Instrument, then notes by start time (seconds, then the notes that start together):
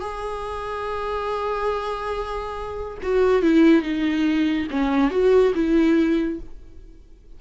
viola
0.00 G#4
3.03 F#4
3.42 E4
3.82 D#4
4.71 C#4
5.10 F#4
5.55 E4